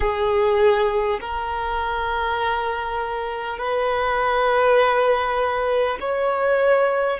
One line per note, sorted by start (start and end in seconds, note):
0.00 1.19 G#4
1.21 3.58 A#4
3.58 5.98 B4
6.00 7.19 C#5